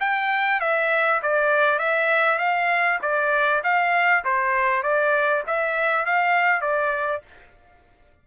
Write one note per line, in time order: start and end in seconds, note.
0.00 0.60 G5
0.60 1.21 E5
1.22 1.79 D5
1.79 2.38 E5
2.38 2.99 F5
3.02 3.62 D5
3.63 4.24 F5
4.24 4.82 C5
4.82 5.43 D5
5.47 6.06 E5
6.06 6.61 F5
6.61 7.22 D5